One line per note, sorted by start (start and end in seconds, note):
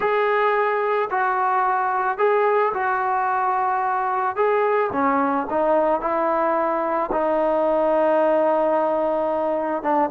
0.00 1.09 G#4
1.10 2.18 F#4
2.18 2.72 G#4
2.73 4.35 F#4
4.35 4.90 G#4
4.92 5.46 C#4
5.49 6.00 D#4
6.00 7.10 E4
7.12 9.82 D#4
9.82 10.10 D4